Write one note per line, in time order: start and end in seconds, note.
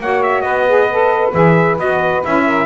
0.00 0.44 A#3
0.00 0.68 F#4
0.00 0.43 C#5
0.00 0.23 F#5
0.23 0.41 E5
0.41 1.33 B3
0.41 2.45 B4
0.41 1.31 D#5
0.68 0.90 G#4
0.91 1.33 A4
1.33 1.79 E3
1.33 1.78 G#4
1.33 1.79 E5
1.78 2.23 B3
1.78 2.23 F#4
1.78 2.24 D#5
2.25 2.66 C#4
2.25 2.66 E4
2.25 2.66 E5
2.46 2.66 A#4